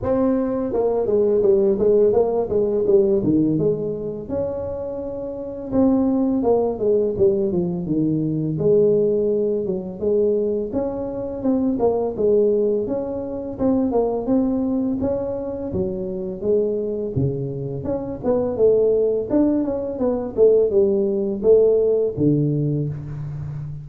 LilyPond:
\new Staff \with { instrumentName = "tuba" } { \time 4/4 \tempo 4 = 84 c'4 ais8 gis8 g8 gis8 ais8 gis8 | g8 dis8 gis4 cis'2 | c'4 ais8 gis8 g8 f8 dis4 | gis4. fis8 gis4 cis'4 |
c'8 ais8 gis4 cis'4 c'8 ais8 | c'4 cis'4 fis4 gis4 | cis4 cis'8 b8 a4 d'8 cis'8 | b8 a8 g4 a4 d4 | }